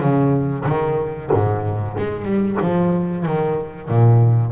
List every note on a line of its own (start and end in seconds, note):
0.00 0.65 C#3
0.66 1.30 D#3
1.32 1.96 G#2
1.98 2.25 G#3
2.25 2.57 G3
2.61 3.25 F3
3.25 3.89 D#3
3.89 4.52 A#2